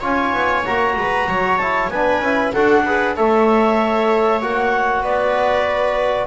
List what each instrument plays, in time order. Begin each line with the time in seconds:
0.00 double bass C#4, trombone F4, viola C#5, clarinet G#5
0.33 double bass B3
0.65 double bass A#3, trombone F#4, clarinet A#5
0.96 double bass G#3, viola B4
1.28 double bass F#3, viola C#5
1.57 trombone E4, clarinet A5
1.89 double bass B3, trombone D4, viola B4, clarinet G#5
2.20 double bass C#4, trombone E4
2.52 double bass D4, trombone F#4, viola A4, clarinet F#5
2.85 trombone G#4, viola B4
3.16 double bass A3, trombone A4, viola C#5, clarinet E5
4.41 double bass A#3, trombone F#4, clarinet F#5
5.02 double bass B3, viola B4, clarinet D5